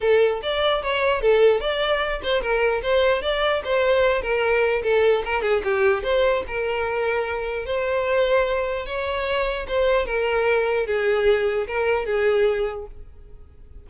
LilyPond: \new Staff \with { instrumentName = "violin" } { \time 4/4 \tempo 4 = 149 a'4 d''4 cis''4 a'4 | d''4. c''8 ais'4 c''4 | d''4 c''4. ais'4. | a'4 ais'8 gis'8 g'4 c''4 |
ais'2. c''4~ | c''2 cis''2 | c''4 ais'2 gis'4~ | gis'4 ais'4 gis'2 | }